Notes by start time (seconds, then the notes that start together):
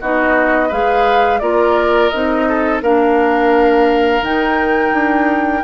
0.00 B3 D#4 F#4 D#5
0.68 G#3 G#4 B4 F5
1.39 A#3 F4 A#4 D5
2.08 C4 D#4 D#5
2.48 A4
2.81 A#3 D4 A#4 F5
4.22 D#3 D#4 G5
4.92 D4